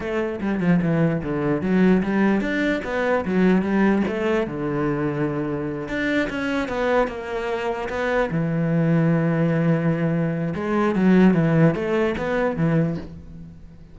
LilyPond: \new Staff \with { instrumentName = "cello" } { \time 4/4 \tempo 4 = 148 a4 g8 f8 e4 d4 | fis4 g4 d'4 b4 | fis4 g4 a4 d4~ | d2~ d8 d'4 cis'8~ |
cis'8 b4 ais2 b8~ | b8 e2.~ e8~ | e2 gis4 fis4 | e4 a4 b4 e4 | }